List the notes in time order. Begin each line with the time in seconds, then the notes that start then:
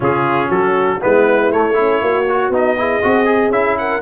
0.00 C#3 C#4 F4 G#4
0.48 F#3 F#4 A4
1.01 G#3 B3 E4 B4
1.51 A3 C#5
1.73 C#4 E4
2.01 A#3 F#4
2.29 F#4
2.49 B3 D#4 D#5
2.77 E4 G#4
3.02 C4 F#4
3.25 G#4
3.49 C#4 E4 E5
3.78 A#4 F#5